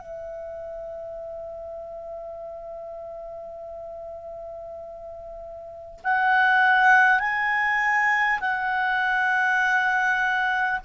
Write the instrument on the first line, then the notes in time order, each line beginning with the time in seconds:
clarinet
0.00 E5
6.04 F#5
7.19 G#5
8.41 F#5